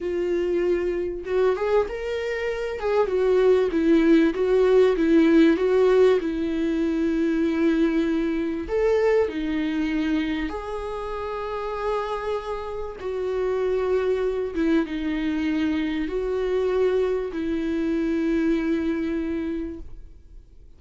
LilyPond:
\new Staff \with { instrumentName = "viola" } { \time 4/4 \tempo 4 = 97 f'2 fis'8 gis'8 ais'4~ | ais'8 gis'8 fis'4 e'4 fis'4 | e'4 fis'4 e'2~ | e'2 a'4 dis'4~ |
dis'4 gis'2.~ | gis'4 fis'2~ fis'8 e'8 | dis'2 fis'2 | e'1 | }